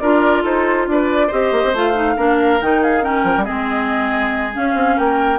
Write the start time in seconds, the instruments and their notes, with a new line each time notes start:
0.00 bassoon D4, clarinet F4, oboe A#4, flute D5
0.43 bassoon D#4, oboe A4, flute C5
0.88 bassoon D4, oboe B4, flute D5
1.28 bassoon C4, clarinet G4, oboe C5, flute D#5
1.52 bassoon A#3
1.64 bassoon C4
1.74 bassoon A3, clarinet F4, flute F5
1.95 clarinet D#4
2.17 bassoon A#3, clarinet D4, oboe A#4
2.62 bassoon D#3, clarinet D#4, flute G5
2.82 oboe G#4, flute F5
3.01 clarinet C#4, oboe A#4, flute G5
3.24 bassoon F3
3.37 bassoon G3
3.45 bassoon G#3, clarinet C4, oboe G#4, flute D#5
4.53 clarinet C#4, bassoon C#4, flute F5
4.75 bassoon C4
4.97 bassoon A#3, oboe A#4, flute G5